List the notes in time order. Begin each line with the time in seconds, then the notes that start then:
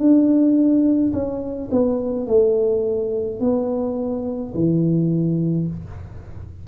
0.00 D4
1.13 C#4
1.72 B3
2.27 A3
3.41 B3
4.55 E3